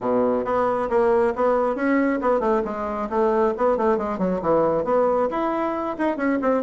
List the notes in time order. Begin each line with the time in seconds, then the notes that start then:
0.00 B2
0.44 B3
0.89 A#3
1.35 B3
1.75 C#4
2.21 B3
2.40 A3
2.64 G#3
3.09 A3
3.57 B3
3.77 A3
3.97 G#3
4.18 F#3
4.41 E3
4.84 B3
5.30 E4
5.98 D#4
6.16 C#4
6.41 C4